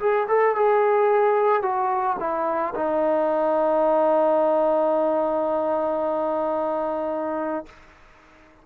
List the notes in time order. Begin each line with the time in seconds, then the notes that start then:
0.00 G#4
0.28 A4
0.56 G#4
1.62 F#4
2.20 E4
2.75 D#4